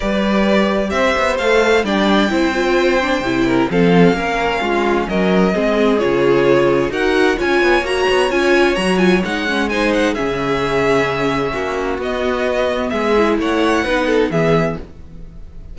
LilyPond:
<<
  \new Staff \with { instrumentName = "violin" } { \time 4/4 \tempo 4 = 130 d''2 e''4 f''4 | g''1 | f''2. dis''4~ | dis''4 cis''2 fis''4 |
gis''4 ais''4 gis''4 ais''8 gis''8 | fis''4 gis''8 fis''8 e''2~ | e''2 dis''2 | e''4 fis''2 e''4 | }
  \new Staff \with { instrumentName = "violin" } { \time 4/4 b'2 c''2 | d''4 c''2~ c''8 ais'8 | a'4 ais'4 f'4 ais'4 | gis'2. ais'4 |
cis''1~ | cis''4 c''4 gis'2~ | gis'4 fis'2. | gis'4 cis''4 b'8 a'8 gis'4 | }
  \new Staff \with { instrumentName = "viola" } { \time 4/4 g'2. a'4 | d'4 e'8 f'4 d'8 e'4 | c'4 cis'2. | c'4 f'2 fis'4 |
f'4 fis'4 f'4 fis'8 f'8 | dis'8 cis'8 dis'4 cis'2~ | cis'2 b2~ | b8 e'4. dis'4 b4 | }
  \new Staff \with { instrumentName = "cello" } { \time 4/4 g2 c'8 b8 a4 | g4 c'2 c4 | f4 ais4 gis4 fis4 | gis4 cis2 dis'4 |
cis'8 b8 ais8 b8 cis'4 fis4 | gis2 cis2~ | cis4 ais4 b2 | gis4 a4 b4 e4 | }
>>